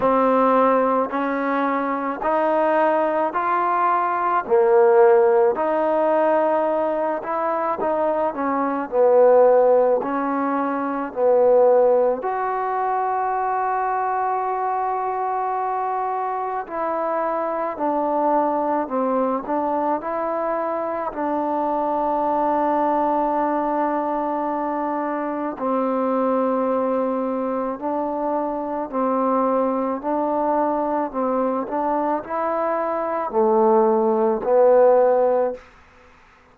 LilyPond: \new Staff \with { instrumentName = "trombone" } { \time 4/4 \tempo 4 = 54 c'4 cis'4 dis'4 f'4 | ais4 dis'4. e'8 dis'8 cis'8 | b4 cis'4 b4 fis'4~ | fis'2. e'4 |
d'4 c'8 d'8 e'4 d'4~ | d'2. c'4~ | c'4 d'4 c'4 d'4 | c'8 d'8 e'4 a4 b4 | }